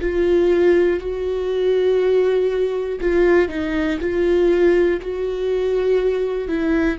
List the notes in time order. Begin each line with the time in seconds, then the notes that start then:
0.00 F4
0.99 F#4
3.00 F4
3.48 D#4
4.00 F4
5.01 F#4
6.48 E4